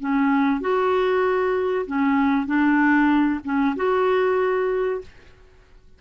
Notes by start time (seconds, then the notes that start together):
0.00 C#4
0.61 F#4
1.86 C#4
2.46 D4
3.44 C#4
3.76 F#4